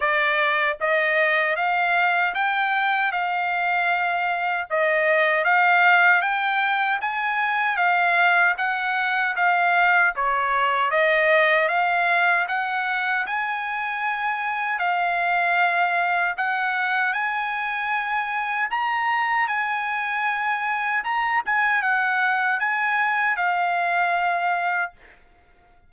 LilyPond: \new Staff \with { instrumentName = "trumpet" } { \time 4/4 \tempo 4 = 77 d''4 dis''4 f''4 g''4 | f''2 dis''4 f''4 | g''4 gis''4 f''4 fis''4 | f''4 cis''4 dis''4 f''4 |
fis''4 gis''2 f''4~ | f''4 fis''4 gis''2 | ais''4 gis''2 ais''8 gis''8 | fis''4 gis''4 f''2 | }